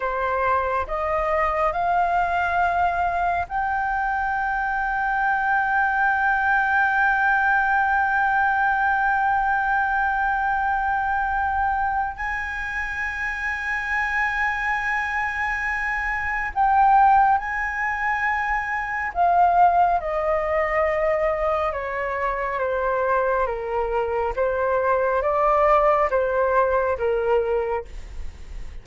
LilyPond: \new Staff \with { instrumentName = "flute" } { \time 4/4 \tempo 4 = 69 c''4 dis''4 f''2 | g''1~ | g''1~ | g''2 gis''2~ |
gis''2. g''4 | gis''2 f''4 dis''4~ | dis''4 cis''4 c''4 ais'4 | c''4 d''4 c''4 ais'4 | }